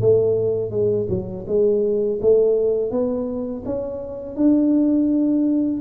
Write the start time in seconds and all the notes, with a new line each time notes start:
0.00 A3
0.70 G#3
1.09 F#3
1.47 G#3
2.21 A3
2.90 B3
3.65 C#4
4.36 D4